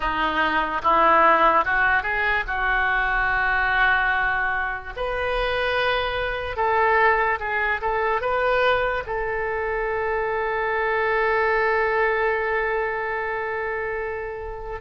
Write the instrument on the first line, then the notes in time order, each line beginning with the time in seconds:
oboe
0.00 D#4
0.82 E4
1.64 F#4
2.02 G#4
2.47 F#4
4.96 B4
6.56 A4
7.39 G#4
7.81 A4
8.21 B4
9.06 A4